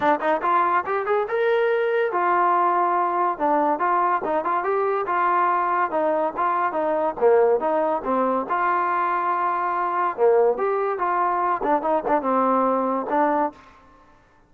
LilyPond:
\new Staff \with { instrumentName = "trombone" } { \time 4/4 \tempo 4 = 142 d'8 dis'8 f'4 g'8 gis'8 ais'4~ | ais'4 f'2. | d'4 f'4 dis'8 f'8 g'4 | f'2 dis'4 f'4 |
dis'4 ais4 dis'4 c'4 | f'1 | ais4 g'4 f'4. d'8 | dis'8 d'8 c'2 d'4 | }